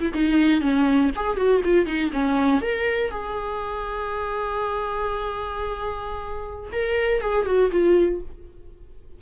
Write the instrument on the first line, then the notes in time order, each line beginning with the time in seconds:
viola
0.00 E4
0.14 D#4
0.61 C#4
1.16 G#4
1.37 F#4
1.65 F4
1.87 D#4
2.13 C#4
2.62 A#4
3.11 G#4
6.73 A#4
7.21 G#4
7.46 F#4
7.72 F4